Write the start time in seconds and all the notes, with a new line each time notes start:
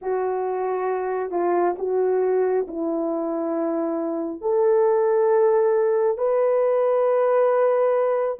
0.01 F#4
1.30 F4
1.78 F#4
2.67 E4
4.41 A4
6.17 B4